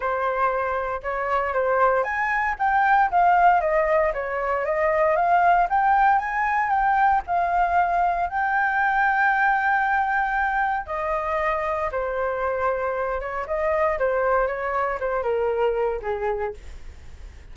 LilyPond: \new Staff \with { instrumentName = "flute" } { \time 4/4 \tempo 4 = 116 c''2 cis''4 c''4 | gis''4 g''4 f''4 dis''4 | cis''4 dis''4 f''4 g''4 | gis''4 g''4 f''2 |
g''1~ | g''4 dis''2 c''4~ | c''4. cis''8 dis''4 c''4 | cis''4 c''8 ais'4. gis'4 | }